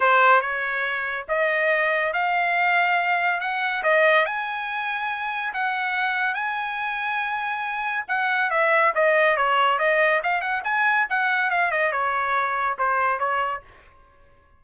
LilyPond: \new Staff \with { instrumentName = "trumpet" } { \time 4/4 \tempo 4 = 141 c''4 cis''2 dis''4~ | dis''4 f''2. | fis''4 dis''4 gis''2~ | gis''4 fis''2 gis''4~ |
gis''2. fis''4 | e''4 dis''4 cis''4 dis''4 | f''8 fis''8 gis''4 fis''4 f''8 dis''8 | cis''2 c''4 cis''4 | }